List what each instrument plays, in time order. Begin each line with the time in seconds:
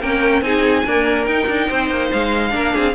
0.00 cello A#3, viola C#4, violin A#4 G5
0.41 cello C4, viola D#4, violin G#4 G#5
0.86 viola A#3, cello D4, violin A#4
1.25 cello D#4, viola D#4, violin G5
1.47 cello D4
1.68 cello C4, violin C5
1.90 cello A#3
2.12 cello G#3, violin F5
2.50 cello A#3, viola D4, violin A#4
2.74 cello C4, violin G#4